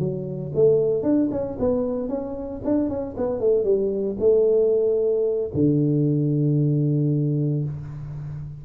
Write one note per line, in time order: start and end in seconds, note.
0.00 0.53 F#3
0.55 1.04 A3
1.04 1.30 D4
1.32 1.58 C#4
1.60 2.09 B3
2.09 2.62 C#4
2.65 2.90 D4
2.90 3.16 C#4
3.18 3.41 B3
3.41 3.65 A3
3.65 4.17 G3
4.20 5.51 A3
5.54 7.65 D3